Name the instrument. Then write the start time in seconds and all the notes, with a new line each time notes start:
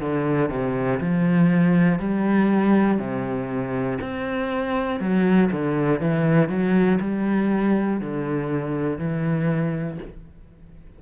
cello
0.00 D3
0.49 C3
1.00 F3
1.99 G3
2.99 C3
4.01 C4
5.00 F#3
5.51 D3
6.00 E3
6.49 F#3
7.00 G3
8.00 D3
8.98 E3